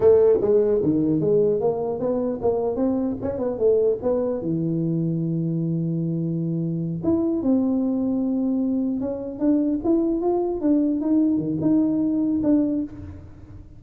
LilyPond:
\new Staff \with { instrumentName = "tuba" } { \time 4/4 \tempo 4 = 150 a4 gis4 dis4 gis4 | ais4 b4 ais4 c'4 | cis'8 b8 a4 b4 e4~ | e1~ |
e4. e'4 c'4.~ | c'2~ c'8 cis'4 d'8~ | d'8 e'4 f'4 d'4 dis'8~ | dis'8 dis8 dis'2 d'4 | }